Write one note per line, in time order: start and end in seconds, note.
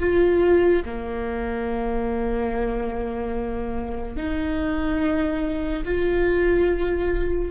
0.00 0.83 F4
0.86 4.17 A#3
4.17 5.84 D#4
5.85 7.52 F4